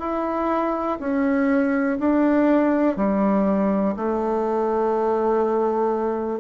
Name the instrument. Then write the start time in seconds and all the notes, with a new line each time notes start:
bassoon
0.00 E4
1.00 C#4
2.00 D4
2.97 G3
3.97 A3